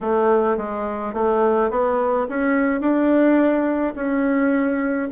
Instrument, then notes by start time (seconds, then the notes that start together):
bassoon
0.01 A3
0.57 G#3
1.13 A3
1.70 B3
2.29 C#4
2.80 D4
3.95 C#4